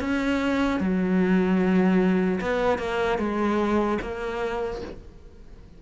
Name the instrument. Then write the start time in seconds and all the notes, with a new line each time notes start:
cello
0.00 C#4
0.80 F#3
2.41 B3
2.78 A#3
3.18 G#3
4.01 A#3